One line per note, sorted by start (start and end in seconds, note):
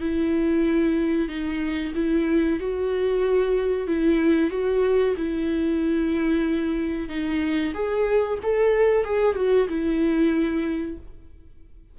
0.00 1.28 E4
1.28 1.93 D#4
1.95 2.59 E4
2.59 3.87 F#4
3.87 4.50 E4
4.50 5.15 F#4
5.17 7.09 E4
7.09 7.73 D#4
7.74 8.38 G#4
8.43 9.04 A4
9.04 9.35 G#4
9.35 9.68 F#4
9.68 10.97 E4